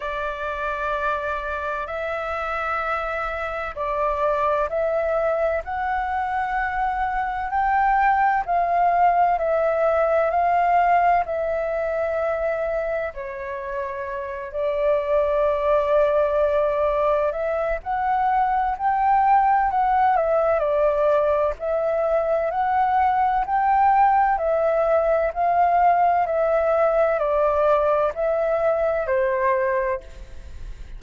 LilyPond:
\new Staff \with { instrumentName = "flute" } { \time 4/4 \tempo 4 = 64 d''2 e''2 | d''4 e''4 fis''2 | g''4 f''4 e''4 f''4 | e''2 cis''4. d''8~ |
d''2~ d''8 e''8 fis''4 | g''4 fis''8 e''8 d''4 e''4 | fis''4 g''4 e''4 f''4 | e''4 d''4 e''4 c''4 | }